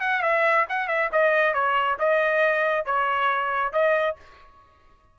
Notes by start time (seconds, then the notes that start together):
0.00 F#5
0.22 E5
0.69 F#5
0.88 E5
1.12 D#5
1.53 C#5
1.99 D#5
2.85 C#5
3.72 D#5